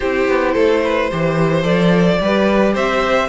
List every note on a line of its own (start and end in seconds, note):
0.00 0.28 C4
0.00 1.11 E4
0.00 0.53 G4
0.00 1.63 C5
0.28 0.55 B3
0.53 1.11 A3
0.53 0.80 A4
0.84 1.10 B4
1.10 1.64 E3
1.10 1.62 G4
1.10 2.20 C5
1.62 2.19 F3
1.62 2.17 A4
1.62 2.73 D5
2.21 2.75 G3
2.21 3.28 G4
2.21 2.73 B4
2.73 3.28 C4
2.73 3.28 C5
2.73 3.28 E5